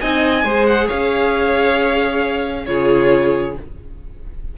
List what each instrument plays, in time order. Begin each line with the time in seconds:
0.00 cello C4, viola D#4, violin D#5 G#5
0.43 cello G#3, viola G#4, violin C5
0.66 violin F#5
0.86 cello C#4, violin C#5 F5
2.65 cello C#3, viola F4, violin G#4 C#5